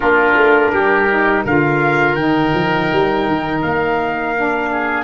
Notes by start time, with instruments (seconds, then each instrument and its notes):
0.00 tuba A#3, saxophone D4, oboe F4, trumpet A#4
0.36 tuba A3
0.72 tuba G3, oboe G4
1.09 saxophone D#4
1.44 tuba D3, saxophone F4, oboe A#4, trumpet F5
2.14 tuba D#3, saxophone D#4, trumpet G5
2.54 tuba F3
2.92 tuba G3
3.28 tuba D#3
3.61 tuba A#3, trumpet F5
4.35 saxophone D4
4.71 oboe G#4